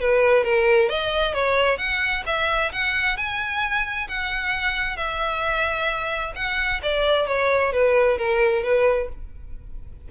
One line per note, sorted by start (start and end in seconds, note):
0.00 0.44 B4
0.44 0.89 A#4
0.89 1.34 D#5
1.34 1.78 C#5
1.78 2.23 F#5
2.26 2.71 E5
2.72 3.17 F#5
3.17 4.08 G#5
4.08 4.96 F#5
4.96 6.33 E5
6.35 6.81 F#5
6.82 7.27 D5
7.27 7.72 C#5
7.72 8.18 B4
8.18 8.63 A#4
8.63 9.08 B4